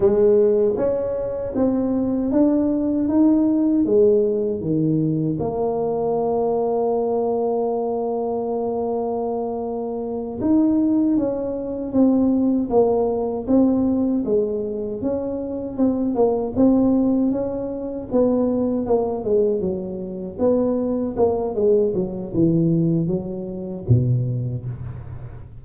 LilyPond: \new Staff \with { instrumentName = "tuba" } { \time 4/4 \tempo 4 = 78 gis4 cis'4 c'4 d'4 | dis'4 gis4 dis4 ais4~ | ais1~ | ais4. dis'4 cis'4 c'8~ |
c'8 ais4 c'4 gis4 cis'8~ | cis'8 c'8 ais8 c'4 cis'4 b8~ | b8 ais8 gis8 fis4 b4 ais8 | gis8 fis8 e4 fis4 b,4 | }